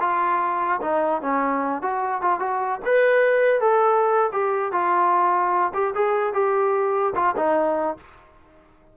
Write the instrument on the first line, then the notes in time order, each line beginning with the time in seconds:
trombone
0.00 F4
0.81 D#4
1.22 C#4
1.82 F#4
2.22 F4
2.40 F#4
2.85 B4
3.60 A4
4.33 G4
4.72 F4
5.74 G4
5.95 G#4
6.33 G4
7.15 F4
7.37 D#4